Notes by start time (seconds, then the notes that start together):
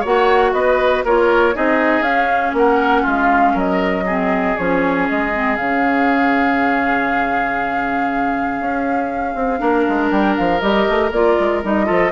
0.00 A#3 F#4 C#5 F#5
0.53 B3 B4 D#5
1.04 A#3 F4 A#4 C#5
1.53 C4 D#4 G#4 D#5
2.01 C#4 F5
2.53 A#3 A#4 F#5
3.02 G#3 F4
3.09 F5
3.53 F#3 A#4 D#5
4.05 C4 G#4
4.57 F3 C#4 C#5
5.08 G#3 D#5
5.33 C4
5.56 C#3 C#4 F5
8.60 C#4
9.34 C4
9.58 A#3 D4 A#4
9.88 G#3
10.10 G3 G5
10.36 F3 F5
10.60 G3 G4 D#5
10.88 A3
11.11 A#3 F4 D5
11.39 G#3
11.63 G3 D#4 D#5
11.85 F3 F4 A4